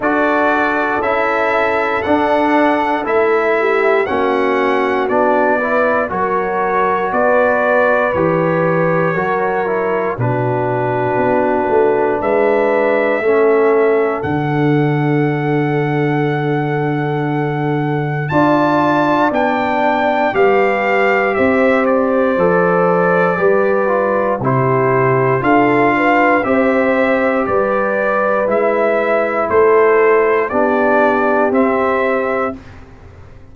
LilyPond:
<<
  \new Staff \with { instrumentName = "trumpet" } { \time 4/4 \tempo 4 = 59 d''4 e''4 fis''4 e''4 | fis''4 d''4 cis''4 d''4 | cis''2 b'2 | e''2 fis''2~ |
fis''2 a''4 g''4 | f''4 e''8 d''2~ d''8 | c''4 f''4 e''4 d''4 | e''4 c''4 d''4 e''4 | }
  \new Staff \with { instrumentName = "horn" } { \time 4/4 a'2.~ a'8 g'8 | fis'4. b'8 ais'4 b'4~ | b'4 ais'4 fis'2 | b'4 a'2.~ |
a'2 d''2 | b'4 c''2 b'4 | g'4 a'8 b'8 c''4 b'4~ | b'4 a'4 g'2 | }
  \new Staff \with { instrumentName = "trombone" } { \time 4/4 fis'4 e'4 d'4 e'4 | cis'4 d'8 e'8 fis'2 | g'4 fis'8 e'8 d'2~ | d'4 cis'4 d'2~ |
d'2 f'4 d'4 | g'2 a'4 g'8 f'8 | e'4 f'4 g'2 | e'2 d'4 c'4 | }
  \new Staff \with { instrumentName = "tuba" } { \time 4/4 d'4 cis'4 d'4 a4 | ais4 b4 fis4 b4 | e4 fis4 b,4 b8 a8 | gis4 a4 d2~ |
d2 d'4 b4 | g4 c'4 f4 g4 | c4 d'4 c'4 g4 | gis4 a4 b4 c'4 | }
>>